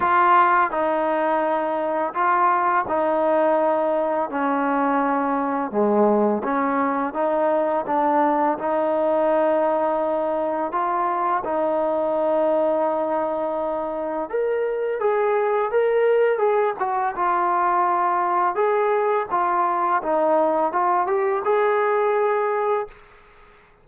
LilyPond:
\new Staff \with { instrumentName = "trombone" } { \time 4/4 \tempo 4 = 84 f'4 dis'2 f'4 | dis'2 cis'2 | gis4 cis'4 dis'4 d'4 | dis'2. f'4 |
dis'1 | ais'4 gis'4 ais'4 gis'8 fis'8 | f'2 gis'4 f'4 | dis'4 f'8 g'8 gis'2 | }